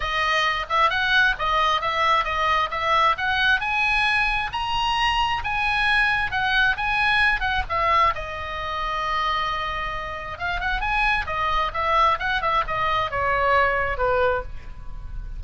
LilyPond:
\new Staff \with { instrumentName = "oboe" } { \time 4/4 \tempo 4 = 133 dis''4. e''8 fis''4 dis''4 | e''4 dis''4 e''4 fis''4 | gis''2 ais''2 | gis''2 fis''4 gis''4~ |
gis''8 fis''8 e''4 dis''2~ | dis''2. f''8 fis''8 | gis''4 dis''4 e''4 fis''8 e''8 | dis''4 cis''2 b'4 | }